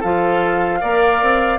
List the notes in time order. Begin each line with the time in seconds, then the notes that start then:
0.00 F3 F4 A4 F5
0.81 A#3 A#4 D5
1.22 C4